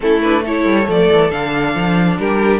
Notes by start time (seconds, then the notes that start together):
0.00 A3 C#4 E4 A4
0.22 D4 B4
0.42 E4 A4 C#5
0.65 G3
0.84 F3 A3
0.90 D5
1.12 E3
1.30 D3 D4 F5
1.74 F3
2.19 G3 G4 A#4